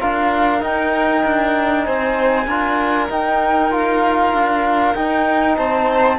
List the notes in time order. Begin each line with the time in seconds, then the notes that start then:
0.00 D4 F4 A#4 F5
0.60 D#4 G5
1.25 D4
1.84 C4 C5 G#5
2.47 D4 F4 A#4
3.10 D#4 G5
3.71 F4 F5
4.33 D4
4.94 D#4 G5
5.56 C4 C5 A5